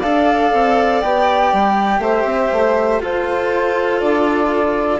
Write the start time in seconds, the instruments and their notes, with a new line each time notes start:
0.00 bassoon D4, cello A4, violin D5, flute F5
0.53 bassoon C4
1.01 bassoon B3, cello G4, flute G5
1.52 bassoon G3
1.99 bassoon A3, violin C5, flute E5
2.25 bassoon C4
2.52 bassoon A3
3.00 cello F4, bassoon F4, violin A4, flute C5
4.00 bassoon D4, flute D5